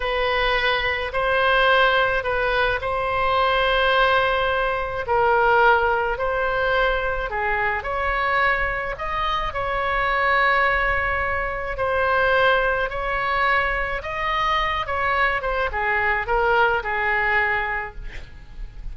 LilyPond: \new Staff \with { instrumentName = "oboe" } { \time 4/4 \tempo 4 = 107 b'2 c''2 | b'4 c''2.~ | c''4 ais'2 c''4~ | c''4 gis'4 cis''2 |
dis''4 cis''2.~ | cis''4 c''2 cis''4~ | cis''4 dis''4. cis''4 c''8 | gis'4 ais'4 gis'2 | }